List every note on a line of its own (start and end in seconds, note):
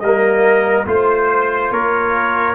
0.00 0.86 G3
0.00 0.86 A#3
0.00 0.88 A#4
0.00 0.85 D#5
0.86 1.71 A3
0.86 2.55 F4
0.86 1.72 C5
0.86 1.73 C5
1.71 2.55 A#3
1.71 2.55 A#4
1.71 2.55 C#5